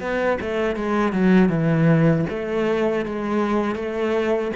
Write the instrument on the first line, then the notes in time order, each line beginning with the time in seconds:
cello
0.00 B3
0.41 A3
0.76 G#3
1.13 F#3
1.49 E3
2.29 A3
3.06 G#3
3.76 A3